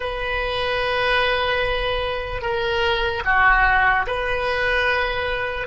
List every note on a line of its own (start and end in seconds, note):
0.00 2.41 B4
2.41 3.22 A#4
3.24 4.05 F#4
4.07 5.67 B4